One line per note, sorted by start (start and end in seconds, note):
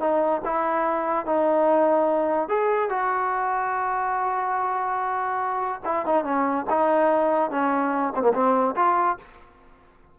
0.00 0.42 D#4
0.45 1.26 E4
1.26 2.49 D#4
2.49 2.89 G#4
2.89 5.81 F#4
5.85 6.05 E4
6.05 6.24 D#4
6.24 6.66 C#4
6.70 7.51 D#4
7.51 8.13 C#4
8.15 8.22 C4
8.22 8.32 A#3
8.33 8.75 C4
8.76 9.17 F4